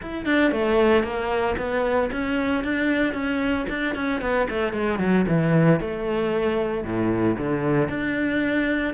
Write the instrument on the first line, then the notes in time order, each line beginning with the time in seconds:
cello
0.01 E4
0.25 D4
0.51 A3
1.03 A#3
1.57 B3
2.11 C#4
2.64 D4
3.13 C#4
3.69 D4
3.95 C#4
4.21 B3
4.49 A3
4.72 G#3
4.98 F#3
5.28 E3
5.80 A3
6.83 A2
7.37 D3
7.88 D4